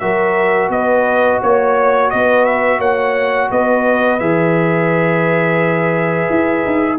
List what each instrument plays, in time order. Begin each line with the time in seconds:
0.00 tuba F#3, trombone F#4, horn A#4, trumpet E5
0.69 tuba B3, horn B4, trumpet D#5
1.42 tuba A#3, horn C#5, trumpet C#5
2.11 tuba B3, horn B4, trumpet D#5
2.45 trumpet E5
2.79 tuba A#3, horn C#5, trumpet F#5
3.51 tuba B3, horn B4, trumpet D#5
4.20 tuba E3, trombone G#4, trumpet E5
6.30 tuba E4
6.66 tuba D#4